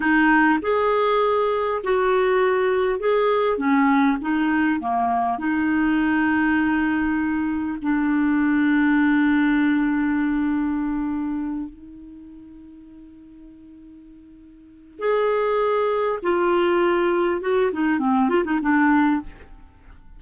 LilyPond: \new Staff \with { instrumentName = "clarinet" } { \time 4/4 \tempo 4 = 100 dis'4 gis'2 fis'4~ | fis'4 gis'4 cis'4 dis'4 | ais4 dis'2.~ | dis'4 d'2.~ |
d'2.~ d'8 dis'8~ | dis'1~ | dis'4 gis'2 f'4~ | f'4 fis'8 dis'8 c'8 f'16 dis'16 d'4 | }